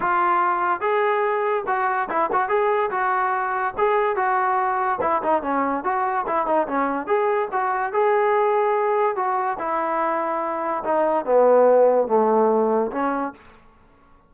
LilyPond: \new Staff \with { instrumentName = "trombone" } { \time 4/4 \tempo 4 = 144 f'2 gis'2 | fis'4 e'8 fis'8 gis'4 fis'4~ | fis'4 gis'4 fis'2 | e'8 dis'8 cis'4 fis'4 e'8 dis'8 |
cis'4 gis'4 fis'4 gis'4~ | gis'2 fis'4 e'4~ | e'2 dis'4 b4~ | b4 a2 cis'4 | }